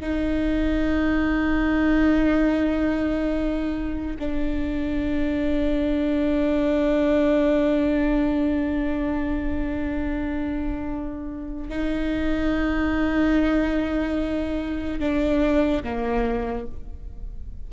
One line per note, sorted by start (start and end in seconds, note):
0.00 4.17 D#4
4.19 11.69 D4
11.69 15.00 D#4
15.00 15.83 D4
15.83 16.66 A#3